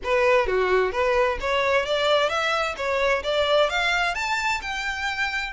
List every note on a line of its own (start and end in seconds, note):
0.03 0.47 B4
0.47 0.92 F#4
0.92 1.38 B4
1.40 1.85 C#5
1.85 2.29 D5
2.29 2.75 E5
2.76 3.22 C#5
3.23 3.69 D5
3.69 4.14 F5
4.14 4.60 A5
4.61 5.53 G5